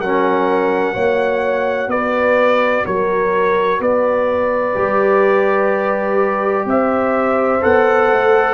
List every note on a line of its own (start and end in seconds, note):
0.00 0.95 F#3
0.00 0.96 C#4
0.00 0.94 A#4
0.00 1.90 F#5
0.94 1.87 A#3
0.94 4.75 F#4
0.94 1.89 C#5
1.87 2.83 B3
1.87 2.86 B4
1.87 2.86 D5
2.86 3.80 F#3
2.86 3.80 A#4
2.86 3.81 C#5
3.80 4.75 B3
3.80 6.65 B4
3.80 6.68 D5
4.75 6.65 G3
4.75 7.61 G4
6.65 7.61 C4
6.65 8.55 C5
6.65 7.63 E5
7.62 8.12 B3
7.62 8.55 A4
7.62 8.55 F#5
8.12 8.55 A3